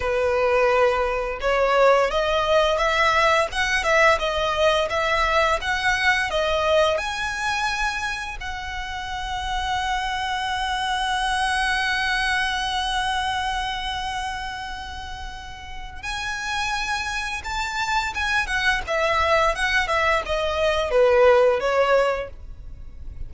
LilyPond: \new Staff \with { instrumentName = "violin" } { \time 4/4 \tempo 4 = 86 b'2 cis''4 dis''4 | e''4 fis''8 e''8 dis''4 e''4 | fis''4 dis''4 gis''2 | fis''1~ |
fis''1~ | fis''2. gis''4~ | gis''4 a''4 gis''8 fis''8 e''4 | fis''8 e''8 dis''4 b'4 cis''4 | }